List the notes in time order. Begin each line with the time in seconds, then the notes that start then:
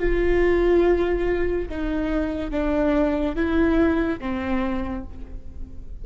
0.00 F4
1.69 D#4
2.52 D4
3.36 E4
4.20 C4